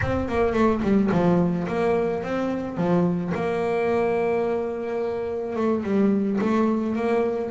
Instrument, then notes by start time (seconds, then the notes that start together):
double bass
0.01 C4
0.28 A#3
0.53 A3
0.82 G3
1.11 F3
1.67 A#3
2.23 C4
2.77 F3
3.34 A#3
5.56 A3
5.83 G3
6.40 A3
6.95 A#3